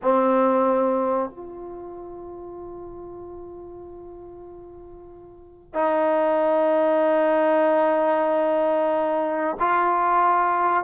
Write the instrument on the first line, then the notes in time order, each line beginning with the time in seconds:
trombone
0.02 C4
1.30 F4
5.74 D#4
9.59 F4